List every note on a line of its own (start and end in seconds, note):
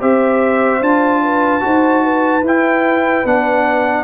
0.00 0.81 C4
0.00 0.81 G4
0.00 1.22 C5
0.00 0.82 E5
0.81 1.62 D4
0.81 1.60 F4
0.81 2.45 A5
1.23 1.63 B4
1.60 2.42 D#4
1.60 2.41 F#4
1.60 2.03 C5
2.03 4.04 B4
2.42 3.23 E4
2.42 3.25 E4
2.42 3.26 G5
3.25 4.04 B3
3.25 4.04 D4
3.25 4.04 F#5